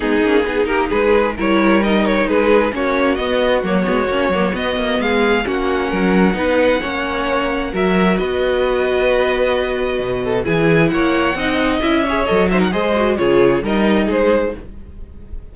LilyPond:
<<
  \new Staff \with { instrumentName = "violin" } { \time 4/4 \tempo 4 = 132 gis'4. ais'8 b'4 cis''4 | dis''8 cis''8 b'4 cis''4 dis''4 | cis''2 dis''4 f''4 | fis''1~ |
fis''4 e''4 dis''2~ | dis''2. gis''4 | fis''2 e''4 dis''8 e''16 fis''16 | dis''4 cis''4 dis''4 c''4 | }
  \new Staff \with { instrumentName = "violin" } { \time 4/4 dis'4 gis'8 g'8 gis'4 ais'4~ | ais'4 gis'4 fis'2~ | fis'2. gis'4 | fis'4 ais'4 b'4 cis''4~ |
cis''4 ais'4 b'2~ | b'2~ b'8 a'8 gis'4 | cis''4 dis''4. cis''4 c''16 ais'16 | c''4 gis'4 ais'4 gis'4 | }
  \new Staff \with { instrumentName = "viola" } { \time 4/4 b8 cis'8 dis'2 e'4 | dis'2 cis'4 b4 | ais8 b8 cis'8 ais8 b2 | cis'2 dis'4 cis'4~ |
cis'4 fis'2.~ | fis'2. e'4~ | e'4 dis'4 e'8 gis'8 a'8 dis'8 | gis'8 fis'8 f'4 dis'2 | }
  \new Staff \with { instrumentName = "cello" } { \time 4/4 gis8 ais8 b8 ais8 gis4 g4~ | g4 gis4 ais4 b4 | fis8 gis8 ais8 fis8 b8 ais8 gis4 | ais4 fis4 b4 ais4~ |
ais4 fis4 b2~ | b2 b,4 e4 | ais4 c'4 cis'4 fis4 | gis4 cis4 g4 gis4 | }
>>